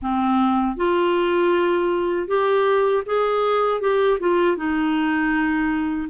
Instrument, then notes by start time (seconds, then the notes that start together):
clarinet
0.02 C4
0.76 F4
2.27 G4
3.06 G#4
3.80 G4
4.19 F4
4.56 D#4